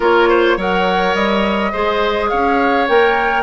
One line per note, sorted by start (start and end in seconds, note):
0.00 0.56 A#3
0.00 0.57 F4
0.00 0.28 A#4
0.00 0.60 C#5
0.28 0.57 C5
0.56 1.14 F#3
0.56 1.73 A#4
0.56 1.72 C#5
0.56 1.14 F#5
1.14 1.72 G3
1.14 2.29 D#5
1.72 2.32 G#3
1.72 2.88 G#4
1.72 2.29 C5
2.29 2.88 C#4
2.29 3.43 C#5
2.29 2.87 F5
2.88 3.43 A#3
2.88 3.43 A#4
2.88 3.43 G5